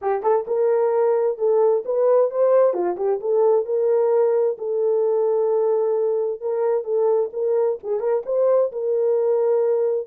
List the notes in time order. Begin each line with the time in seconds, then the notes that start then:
0.01 G4
0.22 A4
0.47 A#4
1.37 A4
1.85 B4
2.30 C5
2.73 F4
2.96 G4
3.20 A4
3.65 A#4
4.57 A4
6.40 A#4
6.84 A4
7.33 A#4
7.83 G#4
8.00 A#4
8.25 C5
8.71 A#4